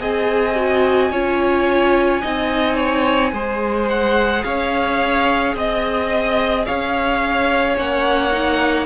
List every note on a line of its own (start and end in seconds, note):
0.00 1.12 C4
0.00 0.56 G#4
0.00 1.12 D#5
0.00 3.89 G#5
0.56 1.12 F#4
1.12 2.23 C#4
1.12 2.22 F4
1.12 2.22 C#5
2.22 3.33 C4
2.22 3.34 D#4
2.22 2.75 D#5
2.75 3.31 C#5
3.33 4.44 G#3
3.33 7.76 G#4
3.33 4.45 C5
3.89 4.44 F#5
4.44 5.55 C#4
4.44 5.56 C#5
4.44 5.55 F5
5.55 6.66 C4
5.55 6.66 D#5
6.66 7.78 C#4
6.66 8.87 C#5
6.66 7.77 F5
7.76 8.87 A#3
7.76 8.31 C#4
7.76 8.87 F#5
8.32 8.87 D#4